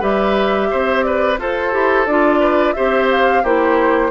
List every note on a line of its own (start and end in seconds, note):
0.00 0.70 G3
0.00 1.37 G4
0.00 0.68 B4
0.00 1.03 E5
0.71 1.39 C4
0.71 1.05 C5
1.03 1.40 B4
1.03 1.37 D5
1.39 1.73 F4
1.39 1.72 A4
1.39 2.40 A4
1.39 2.06 C5
1.72 2.07 E4
1.72 2.06 G4
2.06 2.75 D4
2.06 2.76 F4
2.06 2.73 D5
2.40 2.74 B4
2.73 3.44 C4
2.73 3.44 G4
2.73 3.43 C5
2.73 3.07 E5
3.12 3.45 F5
3.43 4.11 A#3
3.43 4.11 E4
3.43 4.11 G4
3.43 4.11 C5